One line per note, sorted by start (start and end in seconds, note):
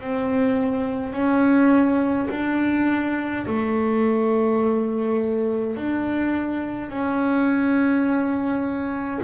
0.00 1.13 C4
1.13 2.28 C#4
2.31 3.46 D4
3.47 5.76 A3
5.76 6.89 D4
6.89 9.20 C#4